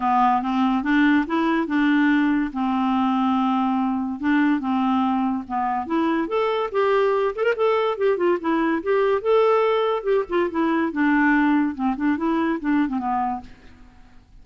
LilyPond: \new Staff \with { instrumentName = "clarinet" } { \time 4/4 \tempo 4 = 143 b4 c'4 d'4 e'4 | d'2 c'2~ | c'2 d'4 c'4~ | c'4 b4 e'4 a'4 |
g'4. a'16 ais'16 a'4 g'8 f'8 | e'4 g'4 a'2 | g'8 f'8 e'4 d'2 | c'8 d'8 e'4 d'8. c'16 b4 | }